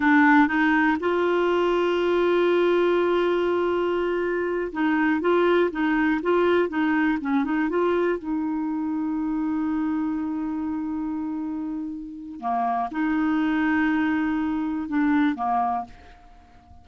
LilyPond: \new Staff \with { instrumentName = "clarinet" } { \time 4/4 \tempo 4 = 121 d'4 dis'4 f'2~ | f'1~ | f'4. dis'4 f'4 dis'8~ | dis'8 f'4 dis'4 cis'8 dis'8 f'8~ |
f'8 dis'2.~ dis'8~ | dis'1~ | dis'4 ais4 dis'2~ | dis'2 d'4 ais4 | }